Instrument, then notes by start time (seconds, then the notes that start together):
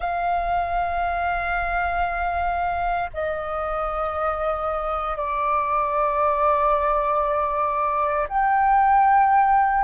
flute
0.00 F5
3.13 D#5
5.17 D5
8.29 G5